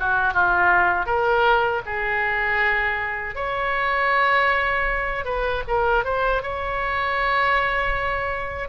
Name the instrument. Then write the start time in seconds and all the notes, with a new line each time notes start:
oboe
0.00 F#4
0.34 F4
1.06 A#4
1.86 G#4
3.35 C#5
5.25 B4
5.68 A#4
6.04 C5
6.43 C#5